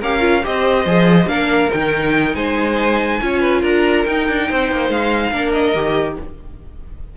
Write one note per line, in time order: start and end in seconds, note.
0.00 0.44 C#4
0.00 0.20 G4
0.00 0.43 A#4
0.00 0.44 F5
0.20 0.41 F4
0.43 0.85 C4
0.43 0.85 G4
0.43 1.29 C5
0.43 1.27 D#5
0.85 1.26 F3
0.85 1.26 G#4
1.26 1.68 A#3
1.26 1.69 D4
1.26 2.35 A#4
1.26 1.70 F5
1.72 2.35 D#3
1.72 3.21 D#4
1.72 2.35 G5
2.35 3.20 G#3
2.35 3.20 C5
2.35 3.62 G#5
3.21 3.62 C#4
3.21 4.06 F4
3.21 3.40 C#5
3.40 3.61 B4
3.61 4.05 D4
3.61 4.46 A#4
3.61 4.05 A#5
4.05 4.28 D#4
4.05 5.32 D#4
4.05 4.90 G5
4.28 4.49 D4
4.48 4.71 C4
4.48 5.32 C5
4.71 4.88 A#3
4.88 5.31 G#3
4.88 5.52 F5
5.31 5.74 A#3
5.31 5.74 D4
5.31 6.17 A#4
5.52 6.16 D#5
5.74 6.17 D#3
5.74 6.17 G4